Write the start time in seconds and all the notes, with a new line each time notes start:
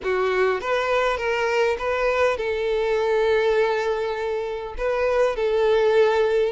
0.03 F#4
0.60 B4
1.17 A#4
1.78 B4
2.37 A4
4.77 B4
5.35 A4